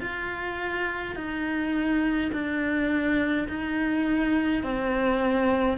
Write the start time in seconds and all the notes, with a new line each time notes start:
0.00 F4
1.15 D#4
2.32 D4
3.48 D#4
4.63 C4